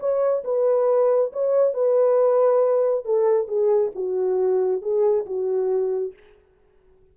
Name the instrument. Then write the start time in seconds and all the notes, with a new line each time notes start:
horn
0.00 C#5
0.45 B4
1.33 C#5
1.74 B4
3.05 A4
3.48 G#4
3.95 F#4
4.82 G#4
5.26 F#4